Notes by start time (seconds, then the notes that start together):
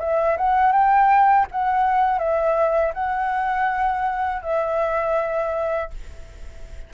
0.00 E5
0.37 F#5
0.72 G5
1.52 F#5
2.19 E5
2.94 F#5
4.42 E5